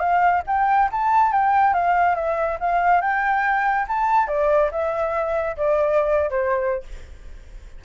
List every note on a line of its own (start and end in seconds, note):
0.00 0.43 F5
0.47 0.90 G5
0.92 1.32 A5
1.32 1.74 G5
1.74 2.15 F5
2.15 2.58 E5
2.60 3.01 F5
3.01 3.86 G5
3.88 4.28 A5
4.28 4.70 D5
4.72 5.57 E5
5.57 6.30 D5
6.30 6.83 C5